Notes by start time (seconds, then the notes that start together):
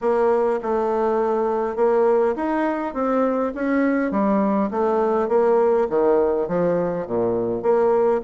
0.01 A#3
0.62 A3
1.76 A#3
2.36 D#4
2.94 C4
3.55 C#4
4.11 G3
4.70 A3
5.28 A#3
5.89 D#3
6.47 F3
7.06 A#2
7.62 A#3